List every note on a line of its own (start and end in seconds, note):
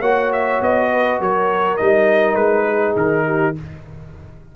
0.00 0.60 A#3
0.00 1.79 F#4
0.00 0.88 C#5
0.00 0.32 F#5
0.33 0.62 E5
0.62 1.20 B3
0.62 1.22 D#5
0.92 1.19 B4
1.19 1.79 F#3
1.19 2.66 A#4
1.19 1.77 C#5
1.77 2.35 G3
1.77 3.56 D#4
1.77 2.36 D#5
2.35 2.94 G#3
2.35 2.95 B4
2.67 3.26 G#4
2.97 3.55 D#3
2.97 3.56 A#4
3.26 3.56 G4